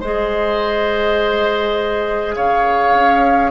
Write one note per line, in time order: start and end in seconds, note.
0.00 2.37 G#3
0.00 3.51 G#4
0.00 2.35 C5
0.00 2.34 D#5
2.34 2.94 C#3
2.34 3.51 C#5
2.34 3.51 F5
2.94 3.51 C#4